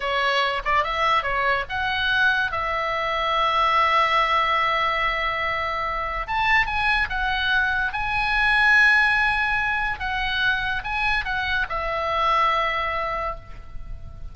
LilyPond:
\new Staff \with { instrumentName = "oboe" } { \time 4/4 \tempo 4 = 144 cis''4. d''8 e''4 cis''4 | fis''2 e''2~ | e''1~ | e''2. a''4 |
gis''4 fis''2 gis''4~ | gis''1 | fis''2 gis''4 fis''4 | e''1 | }